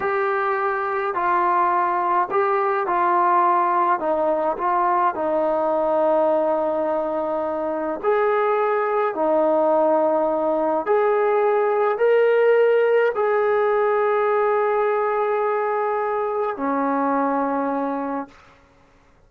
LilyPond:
\new Staff \with { instrumentName = "trombone" } { \time 4/4 \tempo 4 = 105 g'2 f'2 | g'4 f'2 dis'4 | f'4 dis'2.~ | dis'2 gis'2 |
dis'2. gis'4~ | gis'4 ais'2 gis'4~ | gis'1~ | gis'4 cis'2. | }